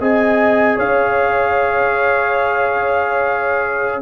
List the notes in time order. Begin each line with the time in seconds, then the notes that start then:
0.00 C4 G#4 D#5 G#5
0.76 C#4 C#5 F5